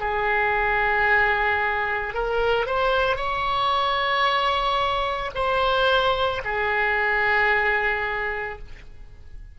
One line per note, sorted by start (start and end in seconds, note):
0.00 2.14 G#4
2.14 2.67 A#4
2.67 3.17 C5
3.17 5.31 C#5
5.35 6.42 C5
6.45 8.59 G#4